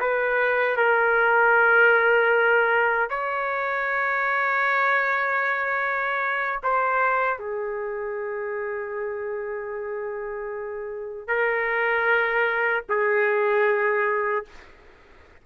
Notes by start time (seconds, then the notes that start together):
0.00 B4
0.77 A#4
3.10 C#5
6.63 C5
7.39 G#4
11.28 A#4
12.89 G#4